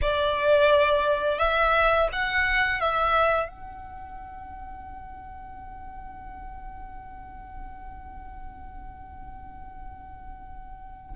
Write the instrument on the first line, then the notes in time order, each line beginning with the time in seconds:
violin
0.01 D5
1.38 E5
2.12 F#5
2.80 E5
3.48 F#5